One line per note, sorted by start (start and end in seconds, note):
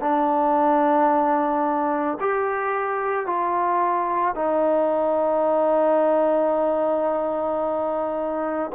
0.00 2.18 D4
2.20 3.26 G4
3.26 4.35 F4
4.35 8.71 D#4